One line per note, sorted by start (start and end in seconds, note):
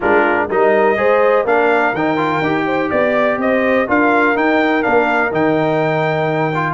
0.00 0.49 G#3
0.00 0.49 D4
0.00 0.46 F4
0.00 0.49 A#4
0.49 0.97 G3
0.49 0.96 D#4
0.49 0.97 A#4
0.49 1.46 D#5
0.96 1.44 G#3
0.96 1.45 G#4
0.96 1.44 C5
1.44 1.93 A#3
1.44 1.94 D4
1.44 2.65 A#4
1.44 1.95 F5
1.93 2.41 D#3
1.93 2.17 D#4
1.93 2.90 G5
2.17 2.41 F4
2.41 2.89 D#4
2.41 3.87 G4
2.65 2.90 C5
2.90 3.37 B3
2.90 3.38 D5
2.90 3.39 D5
3.37 3.86 C4
3.37 3.88 C5
3.37 3.89 D#5
3.87 4.35 D4
3.87 4.35 F4
3.87 6.73 A#4
3.87 4.37 F5
4.35 4.82 D#4
4.35 4.84 D#4
4.35 4.82 G5
4.82 5.32 A#3
4.82 5.30 D4
4.82 5.31 F5
5.31 6.73 D#3
5.31 6.52 D#4
5.31 6.73 G5
6.55 6.73 F4